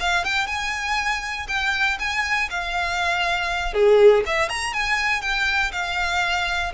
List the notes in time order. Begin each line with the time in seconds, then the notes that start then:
0.00 F5
0.24 G5
0.47 G#5
1.48 G5
1.99 G#5
2.50 F5
3.74 G#4
4.26 E5
4.49 A#5
4.73 G#5
5.22 G5
5.72 F5